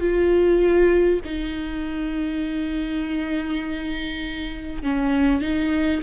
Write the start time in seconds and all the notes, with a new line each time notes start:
0.00 F4
1.25 D#4
4.83 C#4
5.42 D#4